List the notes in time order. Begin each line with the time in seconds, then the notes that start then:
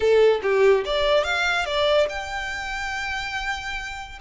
0.00 A4
0.42 G4
0.85 D5
1.24 F5
1.65 D5
2.09 G5